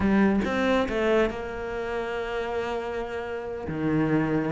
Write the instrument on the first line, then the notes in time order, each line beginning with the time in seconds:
cello
0.00 G3
0.44 C4
0.88 A3
1.29 A#3
3.68 D#3